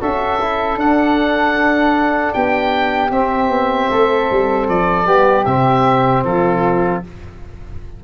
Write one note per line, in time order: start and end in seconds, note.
0.00 0.76 C#4
0.00 0.39 F#4
0.00 2.34 A4
0.00 0.79 E5
0.40 0.79 E4
0.76 2.31 D4
0.76 3.10 D4
0.76 2.33 F#5
2.33 3.10 B3
2.33 3.90 G4
2.33 3.11 G5
3.10 3.48 C4
3.10 5.05 C4
3.10 4.67 E5
3.48 3.87 B3
3.90 4.29 A3
3.90 5.07 A4
4.30 4.68 G3
4.68 5.06 F3
4.68 5.45 D5
5.05 5.45 G3
5.05 5.44 B3
5.05 6.24 G4
5.45 6.24 C3
5.45 7.04 C4
5.45 6.23 E5
6.24 7.02 F3
6.24 7.04 F4
6.24 7.03 A4